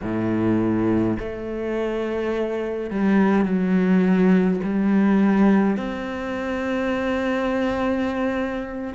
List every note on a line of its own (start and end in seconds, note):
0.02 1.17 A2
1.19 2.90 A3
2.90 3.45 G3
3.45 4.60 F#3
4.63 5.76 G3
5.76 8.94 C4